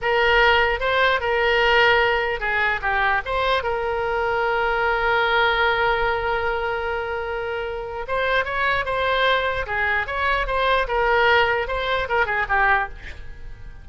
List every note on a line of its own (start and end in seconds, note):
0.01 0.80 A#4
0.80 1.20 C5
1.20 2.40 A#4
2.40 2.80 G#4
2.81 3.21 G4
3.25 3.63 C5
3.63 8.06 A#4
8.07 8.44 C5
8.44 8.85 C#5
8.85 9.66 C5
9.66 10.06 G#4
10.06 10.46 C#5
10.46 10.87 C5
10.87 11.67 A#4
11.67 12.07 C5
12.08 12.25 A#4
12.25 12.46 G#4
12.48 12.89 G4